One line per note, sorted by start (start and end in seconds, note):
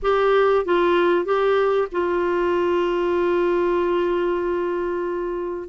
0.02 0.65 G4
0.65 1.25 F4
1.25 1.88 G4
1.91 5.68 F4